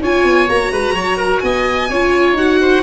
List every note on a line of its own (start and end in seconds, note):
0.00 0.23 C#4
0.00 0.47 F4
0.00 0.72 C#5
0.00 0.49 G#5
0.23 0.47 B3
0.47 0.70 A#3
0.47 1.89 F#4
0.47 1.39 A#5
0.70 0.92 G#3
0.70 0.94 B4
0.92 1.40 F#3
0.92 1.17 C#5
1.17 1.40 A#4
1.39 1.90 B3
1.39 1.89 D#5
1.39 2.33 G#5
1.89 2.33 C#4
1.89 2.37 F4
1.89 2.60 C#5
2.33 2.80 D#4
2.33 2.82 F#4
2.33 2.82 F#5
2.61 2.82 C5